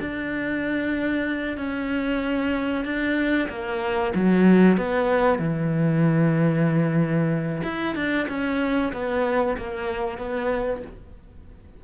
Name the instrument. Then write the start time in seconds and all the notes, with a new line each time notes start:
cello
0.00 D4
1.57 C#4
2.85 D4
3.49 A#3
4.14 F#3
4.77 B3
5.38 E3
7.63 E4
7.95 D4
8.28 C#4
8.93 B3
9.57 A#3
10.18 B3